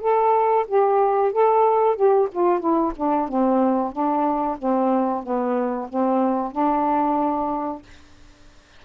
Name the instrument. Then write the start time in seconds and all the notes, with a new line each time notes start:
saxophone
0.00 A4
0.67 G4
1.32 A4
1.96 G4
2.32 F4
2.59 E4
2.96 D4
3.28 C4
3.92 D4
4.58 C4
5.23 B3
5.89 C4
6.52 D4